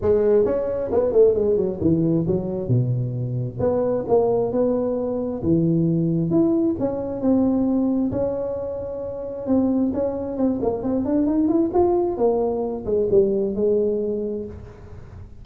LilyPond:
\new Staff \with { instrumentName = "tuba" } { \time 4/4 \tempo 4 = 133 gis4 cis'4 b8 a8 gis8 fis8 | e4 fis4 b,2 | b4 ais4 b2 | e2 e'4 cis'4 |
c'2 cis'2~ | cis'4 c'4 cis'4 c'8 ais8 | c'8 d'8 dis'8 e'8 f'4 ais4~ | ais8 gis8 g4 gis2 | }